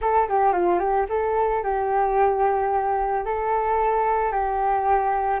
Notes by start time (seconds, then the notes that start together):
0.01 A4
0.29 G4
0.53 F4
0.79 G4
1.09 A4
1.63 G4
3.25 A4
4.31 G4